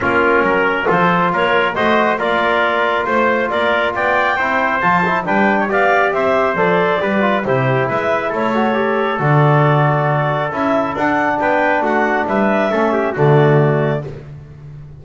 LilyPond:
<<
  \new Staff \with { instrumentName = "clarinet" } { \time 4/4 \tempo 4 = 137 ais'2 c''4 cis''4 | dis''4 d''2 c''4 | d''4 g''2 a''4 | g''4 f''4 e''4 d''4~ |
d''4 c''4 e''4 cis''4~ | cis''4 d''2. | e''4 fis''4 g''4 fis''4 | e''2 d''2 | }
  \new Staff \with { instrumentName = "trumpet" } { \time 4/4 f'4 ais'4 a'4 ais'4 | c''4 ais'2 c''4 | ais'4 d''4 c''2 | b'8. cis''16 d''4 c''2 |
b'4 g'4 b'4 a'4~ | a'1~ | a'2 b'4 fis'4 | b'4 a'8 g'8 fis'2 | }
  \new Staff \with { instrumentName = "trombone" } { \time 4/4 cis'2 f'2 | fis'4 f'2.~ | f'2 e'4 f'8 e'8 | d'4 g'2 a'4 |
g'8 f'8 e'2~ e'8 fis'8 | g'4 fis'2. | e'4 d'2.~ | d'4 cis'4 a2 | }
  \new Staff \with { instrumentName = "double bass" } { \time 4/4 ais4 fis4 f4 ais4 | a4 ais2 a4 | ais4 b4 c'4 f4 | g4 b4 c'4 f4 |
g4 c4 gis4 a4~ | a4 d2. | cis'4 d'4 b4 a4 | g4 a4 d2 | }
>>